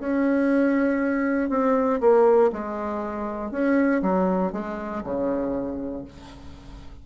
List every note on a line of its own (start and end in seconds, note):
0.00 1.50 C#4
1.50 2.01 C4
2.01 2.51 A#3
2.53 3.52 G#3
3.52 4.02 C#4
4.02 4.53 F#3
4.53 5.03 G#3
5.04 6.05 C#3